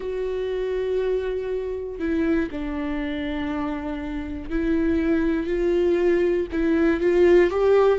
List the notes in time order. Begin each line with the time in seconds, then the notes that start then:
0.00 F#4
1.99 E4
2.51 D4
4.50 E4
5.46 F4
6.52 E4
7.00 F4
7.50 G4